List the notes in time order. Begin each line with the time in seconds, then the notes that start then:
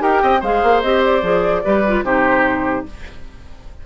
0.00 D#4 G4 A#4 G5
0.22 C4 D#5
0.41 G#3 G#4 C5 F5
0.63 A#3
0.83 C4 G4 D#5
1.05 D5
1.22 F3 G#4
1.65 G3 G4 B4
1.88 F4
2.03 C3 D#4 G4 C5